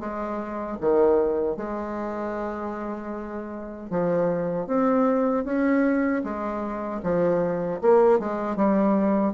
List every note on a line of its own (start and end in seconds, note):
0.00 0.78 G#3
0.81 1.57 D#3
1.57 3.90 G#3
3.91 4.68 F3
4.68 5.45 C4
5.45 6.23 C#4
6.24 7.02 G#3
7.03 7.81 F3
7.82 8.20 A#3
8.20 8.56 G#3
8.56 9.34 G3